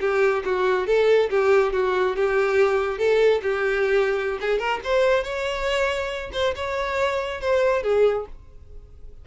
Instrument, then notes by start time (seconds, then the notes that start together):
violin
0.00 G4
0.45 F#4
0.86 A4
1.30 G4
1.73 F#4
2.16 G4
2.98 A4
3.42 G4
4.41 G#4
4.58 A#4
4.84 C5
5.23 C#5
6.33 C5
6.55 C#5
7.41 C5
7.82 G#4